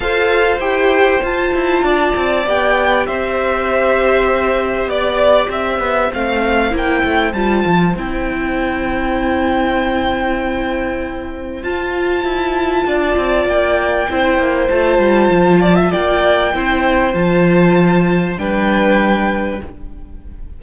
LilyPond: <<
  \new Staff \with { instrumentName = "violin" } { \time 4/4 \tempo 4 = 98 f''4 g''4 a''2 | g''4 e''2. | d''4 e''4 f''4 g''4 | a''4 g''2.~ |
g''2. a''4~ | a''2 g''2 | a''2 g''2 | a''2 g''2 | }
  \new Staff \with { instrumentName = "violin" } { \time 4/4 c''2. d''4~ | d''4 c''2. | d''4 c''2.~ | c''1~ |
c''1~ | c''4 d''2 c''4~ | c''4. d''16 e''16 d''4 c''4~ | c''2 b'2 | }
  \new Staff \with { instrumentName = "viola" } { \time 4/4 a'4 g'4 f'2 | g'1~ | g'2 c'4 e'4 | f'4 e'2.~ |
e'2. f'4~ | f'2. e'4 | f'2. e'4 | f'2 d'2 | }
  \new Staff \with { instrumentName = "cello" } { \time 4/4 f'4 e'4 f'8 e'8 d'8 c'8 | b4 c'2. | b4 c'8 b8 a4 ais8 a8 | g8 f8 c'2.~ |
c'2. f'4 | e'4 d'8 c'8 ais4 c'8 ais8 | a8 g8 f4 ais4 c'4 | f2 g2 | }
>>